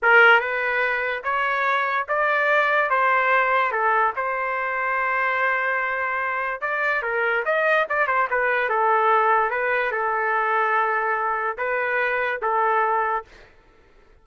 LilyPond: \new Staff \with { instrumentName = "trumpet" } { \time 4/4 \tempo 4 = 145 ais'4 b'2 cis''4~ | cis''4 d''2 c''4~ | c''4 a'4 c''2~ | c''1 |
d''4 ais'4 dis''4 d''8 c''8 | b'4 a'2 b'4 | a'1 | b'2 a'2 | }